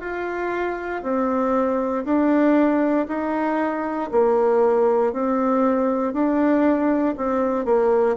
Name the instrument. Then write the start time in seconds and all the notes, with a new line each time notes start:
bassoon
0.00 F4
1.03 C4
2.04 D4
3.08 D#4
4.11 A#3
5.13 C4
6.13 D4
7.17 C4
7.65 A#3